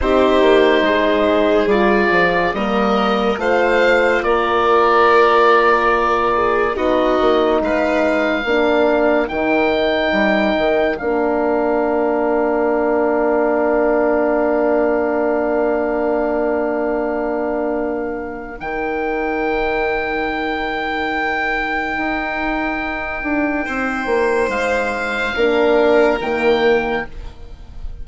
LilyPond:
<<
  \new Staff \with { instrumentName = "oboe" } { \time 4/4 \tempo 4 = 71 c''2 d''4 dis''4 | f''4 d''2. | dis''4 f''2 g''4~ | g''4 f''2.~ |
f''1~ | f''2 g''2~ | g''1~ | g''4 f''2 g''4 | }
  \new Staff \with { instrumentName = "violin" } { \time 4/4 g'4 gis'2 ais'4 | c''4 ais'2~ ais'8 gis'8 | fis'4 b'4 ais'2~ | ais'1~ |
ais'1~ | ais'1~ | ais'1 | c''2 ais'2 | }
  \new Staff \with { instrumentName = "horn" } { \time 4/4 dis'2 f'4 ais4 | f'1 | dis'2 d'4 dis'4~ | dis'4 d'2.~ |
d'1~ | d'2 dis'2~ | dis'1~ | dis'2 d'4 ais4 | }
  \new Staff \with { instrumentName = "bassoon" } { \time 4/4 c'8 ais8 gis4 g8 f8 g4 | a4 ais2. | b8 ais8 gis4 ais4 dis4 | g8 dis8 ais2.~ |
ais1~ | ais2 dis2~ | dis2 dis'4. d'8 | c'8 ais8 gis4 ais4 dis4 | }
>>